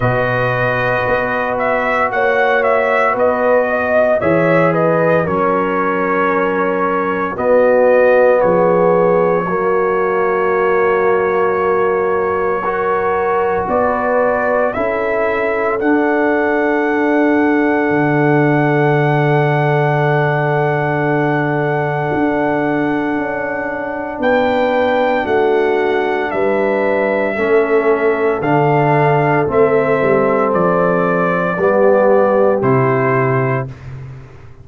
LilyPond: <<
  \new Staff \with { instrumentName = "trumpet" } { \time 4/4 \tempo 4 = 57 dis''4. e''8 fis''8 e''8 dis''4 | e''8 dis''8 cis''2 dis''4 | cis''1~ | cis''4 d''4 e''4 fis''4~ |
fis''1~ | fis''2. g''4 | fis''4 e''2 f''4 | e''4 d''2 c''4 | }
  \new Staff \with { instrumentName = "horn" } { \time 4/4 b'2 cis''4 b'8 dis''8 | cis''8 b'8 ais'2 fis'4 | gis'4 fis'2. | ais'4 b'4 a'2~ |
a'1~ | a'2. b'4 | fis'4 b'4 a'2~ | a'2 g'2 | }
  \new Staff \with { instrumentName = "trombone" } { \time 4/4 fis'1 | gis'4 cis'2 b4~ | b4 ais2. | fis'2 e'4 d'4~ |
d'1~ | d'1~ | d'2 cis'4 d'4 | c'2 b4 e'4 | }
  \new Staff \with { instrumentName = "tuba" } { \time 4/4 b,4 b4 ais4 b4 | e4 fis2 b4 | f4 fis2.~ | fis4 b4 cis'4 d'4~ |
d'4 d2.~ | d4 d'4 cis'4 b4 | a4 g4 a4 d4 | a8 g8 f4 g4 c4 | }
>>